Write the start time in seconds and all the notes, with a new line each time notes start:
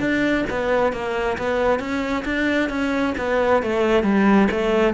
0.00 D4
0.50 B3
0.93 A#3
1.38 B3
1.80 C#4
2.26 D4
2.70 C#4
3.18 B3
3.63 A3
4.04 G3
4.51 A3